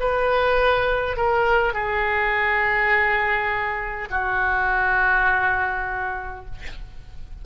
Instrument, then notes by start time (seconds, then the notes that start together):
oboe
0.00 B4
1.17 A#4
1.74 G#4
4.10 F#4